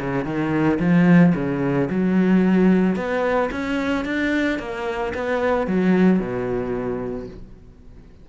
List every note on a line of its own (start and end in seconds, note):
0.00 0.25 C#3
0.25 0.79 D#3
0.79 1.33 F3
1.35 1.89 C#3
1.90 2.96 F#3
2.96 3.50 B3
3.51 4.05 C#4
4.05 4.59 D4
4.59 5.13 A#3
5.14 5.67 B3
5.67 6.20 F#3
6.20 7.28 B2